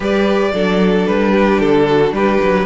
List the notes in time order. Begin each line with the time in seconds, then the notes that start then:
0.00 G3 G4 B4 D5
0.53 F#3 D4 A4
1.06 G3 B4
1.31 G4
1.59 D3 A4
1.89 F#4
2.12 G3 G4 B4
2.42 F#3